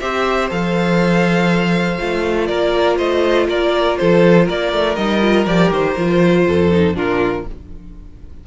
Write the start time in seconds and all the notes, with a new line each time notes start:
0.00 C4 G4 C5 E5
0.50 F3 A4 F5
1.98 A3 F4
2.47 A#3 A#4 D5
2.98 A3 C5 D#5
3.48 A#3 A#4 D5
3.97 F3 A4 C5
4.46 A#3 A#4 D5
4.73 A3
4.96 G3 D#4 D#5
5.22 F4
5.46 F3 G4 D5
5.71 D#3 C5
5.96 F3 F4
6.47 F2 A4
6.72 D#4
6.95 A#2 D4 F4 A#4